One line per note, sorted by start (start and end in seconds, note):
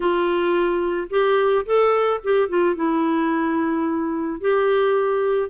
0.00 1.07 F4
1.10 1.65 G4
1.65 2.20 A4
2.23 2.48 G4
2.48 2.75 F4
2.75 4.40 E4
4.40 5.50 G4